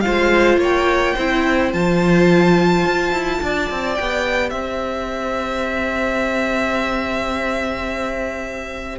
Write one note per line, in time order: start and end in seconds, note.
0.00 1.16 F4
0.00 0.59 C5
0.00 0.56 F5
0.07 0.57 G#3
0.57 1.13 A#3
0.57 1.14 C#5
0.57 1.73 G5
1.14 1.73 C4
1.14 1.73 E4
1.14 3.38 C5
1.73 2.85 F3
1.73 3.97 F4
1.73 3.95 A5
2.86 3.12 F4
3.12 3.40 E4
3.42 3.70 D4
3.42 4.52 D5
3.70 3.98 C4
3.95 4.52 B3
3.95 8.99 G4
3.95 4.50 G5
4.50 8.99 C4
4.50 8.99 C5
4.50 8.98 E5